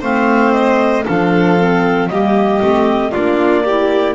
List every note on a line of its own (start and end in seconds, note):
0.00 1.05 A3
0.00 1.04 C4
0.00 1.03 C5
0.00 0.52 F5
0.52 1.04 D#5
1.05 2.09 F3
1.05 1.58 D4
1.05 2.09 A4
1.05 2.08 F5
1.58 2.09 C4
2.08 2.61 G3
2.08 2.60 A#3
2.08 3.11 G4
2.08 3.11 D#5
2.60 3.13 A3
2.60 3.12 C4
3.11 4.15 A#3
3.11 3.64 D4
3.11 3.63 F4
3.11 4.14 D5
3.64 4.15 E4
3.64 4.15 G4